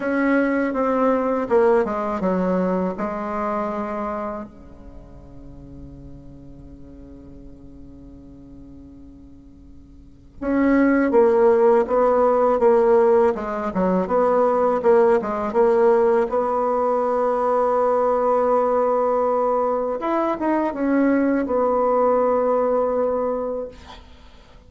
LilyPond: \new Staff \with { instrumentName = "bassoon" } { \time 4/4 \tempo 4 = 81 cis'4 c'4 ais8 gis8 fis4 | gis2 cis2~ | cis1~ | cis2 cis'4 ais4 |
b4 ais4 gis8 fis8 b4 | ais8 gis8 ais4 b2~ | b2. e'8 dis'8 | cis'4 b2. | }